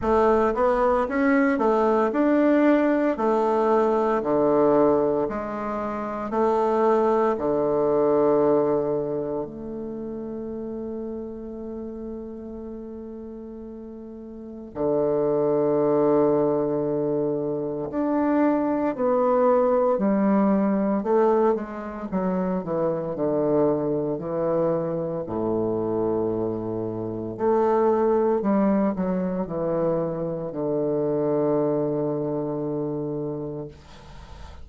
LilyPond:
\new Staff \with { instrumentName = "bassoon" } { \time 4/4 \tempo 4 = 57 a8 b8 cis'8 a8 d'4 a4 | d4 gis4 a4 d4~ | d4 a2.~ | a2 d2~ |
d4 d'4 b4 g4 | a8 gis8 fis8 e8 d4 e4 | a,2 a4 g8 fis8 | e4 d2. | }